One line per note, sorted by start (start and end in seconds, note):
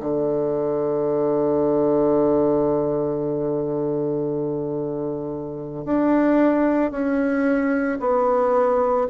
0.00 5.85 D3
5.85 6.91 D4
6.91 7.98 C#4
8.00 9.07 B3